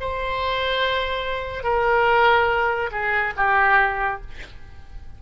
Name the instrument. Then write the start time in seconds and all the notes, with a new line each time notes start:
oboe
0.00 C5
1.63 A#4
2.91 G#4
3.36 G4